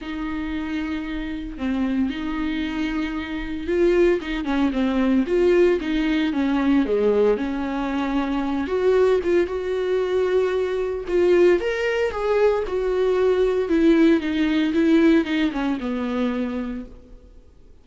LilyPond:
\new Staff \with { instrumentName = "viola" } { \time 4/4 \tempo 4 = 114 dis'2. c'4 | dis'2. f'4 | dis'8 cis'8 c'4 f'4 dis'4 | cis'4 gis4 cis'2~ |
cis'8 fis'4 f'8 fis'2~ | fis'4 f'4 ais'4 gis'4 | fis'2 e'4 dis'4 | e'4 dis'8 cis'8 b2 | }